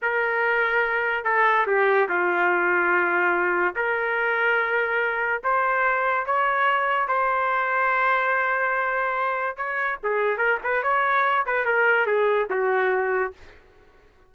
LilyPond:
\new Staff \with { instrumentName = "trumpet" } { \time 4/4 \tempo 4 = 144 ais'2. a'4 | g'4 f'2.~ | f'4 ais'2.~ | ais'4 c''2 cis''4~ |
cis''4 c''2.~ | c''2. cis''4 | gis'4 ais'8 b'8 cis''4. b'8 | ais'4 gis'4 fis'2 | }